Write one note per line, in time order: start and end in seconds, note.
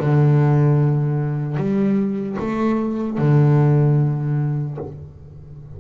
0.00 1.57 D3
1.57 2.37 G3
2.39 3.18 A3
3.18 4.78 D3